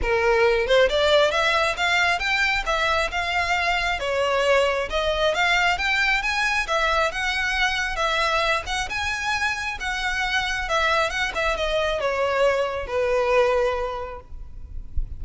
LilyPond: \new Staff \with { instrumentName = "violin" } { \time 4/4 \tempo 4 = 135 ais'4. c''8 d''4 e''4 | f''4 g''4 e''4 f''4~ | f''4 cis''2 dis''4 | f''4 g''4 gis''4 e''4 |
fis''2 e''4. fis''8 | gis''2 fis''2 | e''4 fis''8 e''8 dis''4 cis''4~ | cis''4 b'2. | }